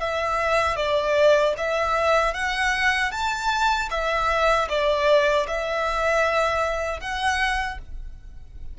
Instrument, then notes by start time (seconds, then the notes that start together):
violin
0.00 E5
0.76 D5
1.57 E5
2.33 F#5
3.11 A5
3.90 E5
4.69 D5
5.47 E5
7.00 F#5